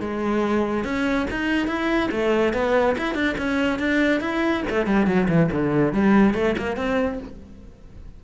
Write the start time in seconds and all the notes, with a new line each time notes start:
0.00 G#3
0.84 C#4
1.30 D#4
1.67 E4
2.11 A3
2.53 B3
2.98 E4
3.14 D4
3.37 C#4
3.79 D4
4.20 E4
4.70 A3
4.86 G3
5.06 F#3
5.28 E3
5.51 D3
5.93 G3
6.34 A3
6.58 A#3
6.76 C4